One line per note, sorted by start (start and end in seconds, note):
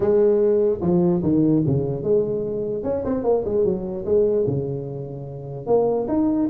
0.00 0.80 G#3
0.81 1.22 F3
1.23 1.63 D#3
1.66 2.03 C#3
2.03 2.83 G#3
2.83 3.04 C#4
3.04 3.23 C4
3.23 3.43 A#3
3.45 3.64 G#3
3.64 4.04 F#3
4.05 4.45 G#3
4.46 5.66 C#3
5.66 6.06 A#3
6.08 6.48 D#4